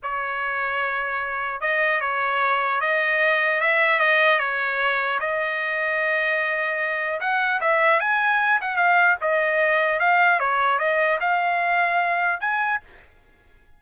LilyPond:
\new Staff \with { instrumentName = "trumpet" } { \time 4/4 \tempo 4 = 150 cis''1 | dis''4 cis''2 dis''4~ | dis''4 e''4 dis''4 cis''4~ | cis''4 dis''2.~ |
dis''2 fis''4 e''4 | gis''4. fis''8 f''4 dis''4~ | dis''4 f''4 cis''4 dis''4 | f''2. gis''4 | }